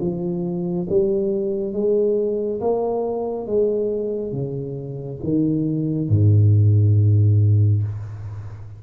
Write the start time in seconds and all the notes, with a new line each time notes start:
0.00 F3
0.89 G3
1.73 G#3
2.60 A#3
3.46 G#3
4.32 C#3
5.23 D#3
6.09 G#2